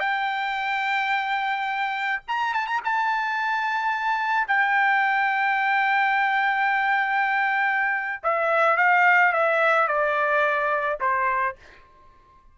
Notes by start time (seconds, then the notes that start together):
0.00 G5
2.28 A#5
2.54 A5
2.67 A#5
2.84 A5
4.47 G5
8.23 E5
8.77 F5
9.33 E5
9.88 D5
11.01 C5